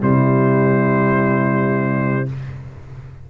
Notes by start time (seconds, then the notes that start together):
0.00 C3 G3 E4 C5